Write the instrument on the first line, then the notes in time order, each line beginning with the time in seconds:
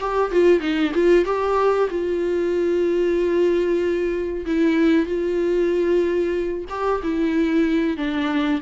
viola
0.00 G4
0.31 F4
0.60 D#4
0.94 F4
1.25 G4
1.90 F4
4.46 E4
5.06 F4
6.69 G4
7.03 E4
7.97 D4